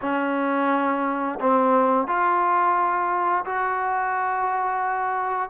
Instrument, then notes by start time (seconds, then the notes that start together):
trombone
0.01 C#4
1.40 C4
2.07 F4
3.45 F#4